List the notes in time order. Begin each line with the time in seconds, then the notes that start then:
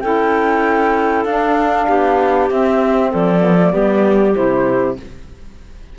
0.00 C#4 E4 A4 G5
1.24 D4 F5
1.88 B3 G4
2.50 C4 E5
3.10 F3 A4 D5
3.41 B3
3.60 A3
3.72 G3 B3 G4
4.34 C3 E4 C5